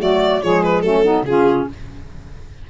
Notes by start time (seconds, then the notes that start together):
0.00 F#3 A3 F#4 D5
0.43 F3 G#3 G#4 C#5
0.64 B4
0.82 F#3 A3 C#4 A4
1.03 B3 D#4
1.23 C#3 C#4 F4 G#4